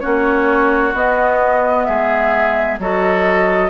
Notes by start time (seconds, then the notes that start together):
0.00 A#3 C#4 F#4 C#5
0.93 B3 D#5
1.85 G#3 G#4 E5
2.79 F#3 F#4 A4 D#5